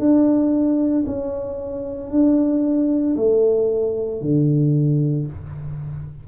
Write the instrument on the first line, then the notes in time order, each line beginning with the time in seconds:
tuba
0.00 D4
1.07 C#4
2.11 D4
3.17 A3
4.22 D3